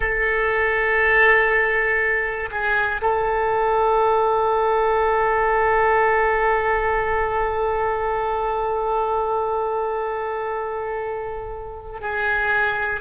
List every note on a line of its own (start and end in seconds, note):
0.00 2.50 A4
2.50 3.00 G#4
3.01 12.00 A4
12.00 13.00 G#4